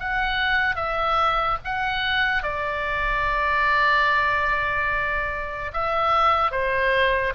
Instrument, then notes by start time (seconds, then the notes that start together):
oboe
0.00 F#5
0.76 E5
1.64 F#5
2.43 D5
5.73 E5
6.51 C5